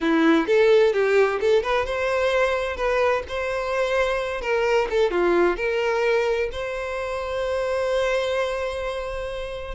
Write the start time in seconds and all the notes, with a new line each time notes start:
0.01 E4
0.46 A4
0.93 G4
1.40 A4
1.62 B4
1.85 C5
2.76 B4
3.28 C5
4.41 A#4
4.90 A4
5.10 F4
5.56 A#4
6.51 C5